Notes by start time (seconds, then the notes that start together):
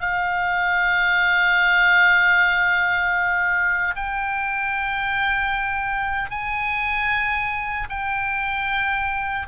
0.00 F5
3.95 G5
6.30 G#5
7.89 G5